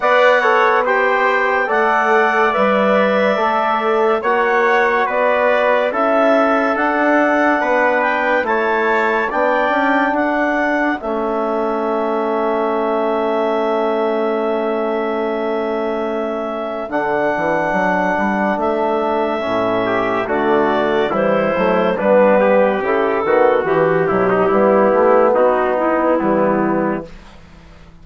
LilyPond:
<<
  \new Staff \with { instrumentName = "clarinet" } { \time 4/4 \tempo 4 = 71 fis''4 g''4 fis''4 e''4~ | e''4 fis''4 d''4 e''4 | fis''4. g''8 a''4 g''4 | fis''4 e''2.~ |
e''1 | fis''2 e''2 | d''4 c''4 b'4 a'4 | g'2 fis'8 e'4. | }
  \new Staff \with { instrumentName = "trumpet" } { \time 4/4 d''8 cis''8 c''4 d''2~ | d''4 cis''4 b'4 a'4~ | a'4 b'4 cis''4 d''4 | a'1~ |
a'1~ | a'2.~ a'8 g'8 | fis'4 e'4 d'8 g'4 fis'8~ | fis'8 e'16 dis'16 e'4 dis'4 b4 | }
  \new Staff \with { instrumentName = "trombone" } { \time 4/4 b'8 a'8 g'4 a'4 b'4 | a'4 fis'2 e'4 | d'2 e'4 d'4~ | d'4 cis'2.~ |
cis'1 | d'2. cis'4 | a4 g8 a8 b4 e'8 b8 | e8 b,8 b2 g4 | }
  \new Staff \with { instrumentName = "bassoon" } { \time 4/4 b2 a4 g4 | a4 ais4 b4 cis'4 | d'4 b4 a4 b8 cis'8 | d'4 a2.~ |
a1 | d8 e8 fis8 g8 a4 a,4 | d4 e8 fis8 g4 cis8 dis8 | e8 fis8 g8 a8 b4 e4 | }
>>